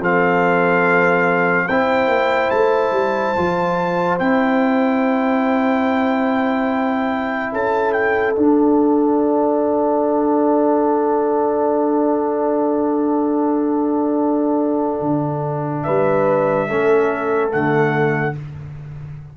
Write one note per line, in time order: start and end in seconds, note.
0.00 1.67 F3
0.00 1.69 C4
0.00 1.66 A4
0.00 1.68 F5
1.66 2.08 C4
1.66 3.35 E4
1.66 7.50 C5
1.66 2.51 G5
2.08 2.49 A#3
2.51 2.91 A3
2.51 4.17 A5
2.91 3.33 G3
3.35 4.19 F3
3.35 4.19 F4
4.19 7.53 C4
4.19 8.36 E4
4.19 7.52 G5
7.52 8.36 C#4
7.52 15.85 A4
7.52 7.92 A5
7.92 8.34 G5
8.34 16.69 D4
8.34 15.00 D4
8.34 15.83 F#5
15.00 15.84 D3
15.83 16.70 G3
15.83 16.68 B4
15.83 17.49 E5
16.68 17.54 A3
16.68 17.50 C#4
16.68 18.35 A4
17.50 18.37 D3
17.50 18.33 A3
17.50 18.35 F#5